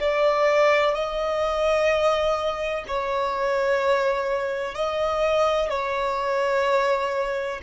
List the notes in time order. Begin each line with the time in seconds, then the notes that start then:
0.00 D5
0.94 D#5
2.88 C#5
4.75 D#5
5.70 C#5